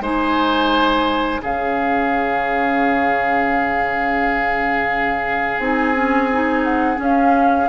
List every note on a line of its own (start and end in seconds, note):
0.00 1.40 G#3
0.00 1.42 D#4
0.00 1.41 C5
0.00 1.43 G#5
1.42 5.59 C#3
1.42 5.60 C#4
1.42 7.69 G#4
1.42 5.60 F5
5.59 6.98 C4
5.59 5.94 D#4
5.59 6.64 G#5
5.94 6.29 C#4
6.33 6.96 D#4
6.64 6.99 F#5
6.96 7.66 C#4
6.96 7.69 C#4
6.96 7.69 F5